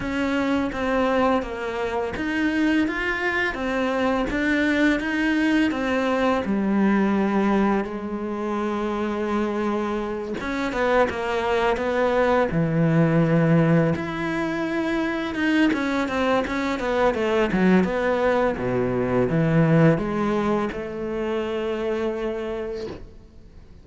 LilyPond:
\new Staff \with { instrumentName = "cello" } { \time 4/4 \tempo 4 = 84 cis'4 c'4 ais4 dis'4 | f'4 c'4 d'4 dis'4 | c'4 g2 gis4~ | gis2~ gis8 cis'8 b8 ais8~ |
ais8 b4 e2 e'8~ | e'4. dis'8 cis'8 c'8 cis'8 b8 | a8 fis8 b4 b,4 e4 | gis4 a2. | }